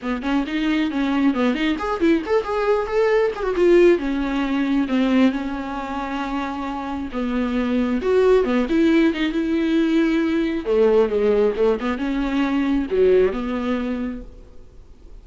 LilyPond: \new Staff \with { instrumentName = "viola" } { \time 4/4 \tempo 4 = 135 b8 cis'8 dis'4 cis'4 b8 dis'8 | gis'8 e'8 a'8 gis'4 a'4 gis'16 fis'16 | f'4 cis'2 c'4 | cis'1 |
b2 fis'4 b8 e'8~ | e'8 dis'8 e'2. | a4 gis4 a8 b8 cis'4~ | cis'4 fis4 b2 | }